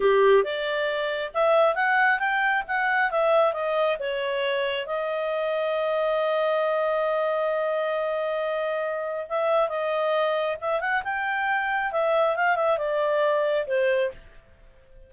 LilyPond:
\new Staff \with { instrumentName = "clarinet" } { \time 4/4 \tempo 4 = 136 g'4 d''2 e''4 | fis''4 g''4 fis''4 e''4 | dis''4 cis''2 dis''4~ | dis''1~ |
dis''1~ | dis''4 e''4 dis''2 | e''8 fis''8 g''2 e''4 | f''8 e''8 d''2 c''4 | }